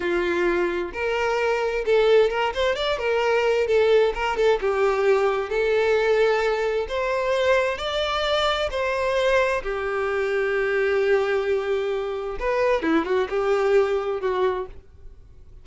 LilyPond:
\new Staff \with { instrumentName = "violin" } { \time 4/4 \tempo 4 = 131 f'2 ais'2 | a'4 ais'8 c''8 d''8 ais'4. | a'4 ais'8 a'8 g'2 | a'2. c''4~ |
c''4 d''2 c''4~ | c''4 g'2.~ | g'2. b'4 | e'8 fis'8 g'2 fis'4 | }